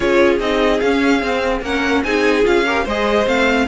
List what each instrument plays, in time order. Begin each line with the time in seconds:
0.00 cello C#4, viola F4, violin G#4 C#5
0.39 cello C4, viola D#4, violin D#5
0.80 cello C#4, viola C#4, violin F5
1.19 viola C4, cello C4
1.61 cello A#3, viola C#4, violin A#4 F#5
2.03 cello C4, viola D#4, violin G#4 G#5
2.43 cello C#4, viola F4, violin F5
2.66 viola G4, violin A#4
2.83 cello G#3, viola G#4, violin C5 D#5
3.25 cello A3, viola C4, violin F5